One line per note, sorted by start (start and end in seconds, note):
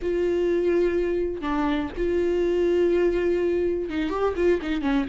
0.02 1.41 F4
1.41 1.89 D4
1.97 3.89 F4
3.89 4.09 D#4
4.09 4.34 G4
4.36 4.60 F4
4.62 4.81 D#4
4.81 5.05 C#4